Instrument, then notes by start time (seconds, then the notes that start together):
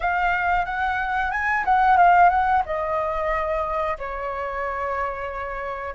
flute
0.00 F5
0.65 F#5
1.31 G#5
1.65 F#5
1.97 F5
2.29 F#5
2.65 D#5
3.98 C#5